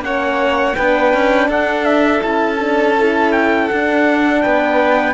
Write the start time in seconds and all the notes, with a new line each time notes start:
0.00 A#3 C#4 C#5 F#5
0.75 B3 D4 B4 G5
1.13 C#4
1.48 D4 A4 F#5
1.85 E5
2.20 C#4 E4 A5
2.60 D4
2.99 E4
3.32 G5
3.69 D4 F#5
4.41 B3 B4 G5